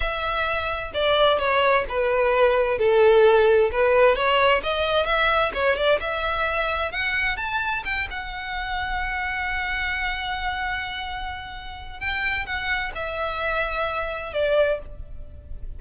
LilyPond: \new Staff \with { instrumentName = "violin" } { \time 4/4 \tempo 4 = 130 e''2 d''4 cis''4 | b'2 a'2 | b'4 cis''4 dis''4 e''4 | cis''8 d''8 e''2 fis''4 |
a''4 g''8 fis''2~ fis''8~ | fis''1~ | fis''2 g''4 fis''4 | e''2. d''4 | }